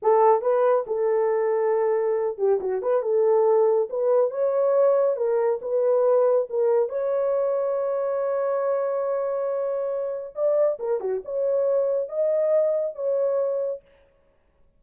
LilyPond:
\new Staff \with { instrumentName = "horn" } { \time 4/4 \tempo 4 = 139 a'4 b'4 a'2~ | a'4. g'8 fis'8 b'8 a'4~ | a'4 b'4 cis''2 | ais'4 b'2 ais'4 |
cis''1~ | cis''1 | d''4 ais'8 fis'8 cis''2 | dis''2 cis''2 | }